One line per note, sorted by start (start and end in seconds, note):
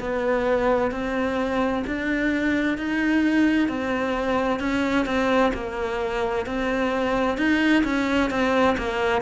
0.00 0.91 B3
0.91 1.84 C4
1.87 2.78 D4
2.78 3.68 D#4
3.68 4.60 C4
4.60 5.06 C#4
5.06 5.52 C4
5.54 6.46 A#3
6.46 7.38 C4
7.38 7.84 D#4
7.84 8.30 C#4
8.30 8.77 C4
8.77 9.22 A#3